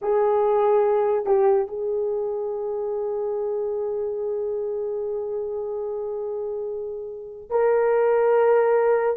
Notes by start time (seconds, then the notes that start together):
0.01 G#4
1.25 G4
1.67 G#4
7.50 A#4